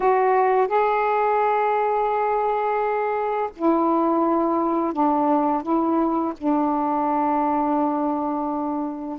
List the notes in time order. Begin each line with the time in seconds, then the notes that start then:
0.00 F#4
0.67 G#4
3.56 E4
4.93 D4
5.62 E4
6.37 D4